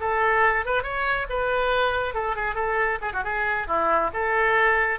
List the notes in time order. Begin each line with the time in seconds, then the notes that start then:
0.00 A4
0.66 B4
0.83 C#5
1.29 B4
2.14 A4
2.36 G#4
2.55 A4
3.02 G#4
3.13 F#4
3.24 G#4
3.67 E4
4.13 A4